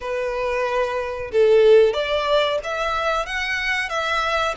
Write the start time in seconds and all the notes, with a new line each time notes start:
0.00 B4
1.31 A4
1.93 D5
2.63 E5
3.26 F#5
3.89 E5